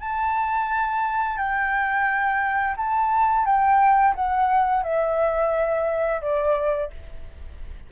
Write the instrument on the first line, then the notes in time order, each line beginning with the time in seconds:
flute
0.00 A5
1.37 G5
2.76 A5
3.45 G5
4.15 F#5
4.83 E5
6.21 D5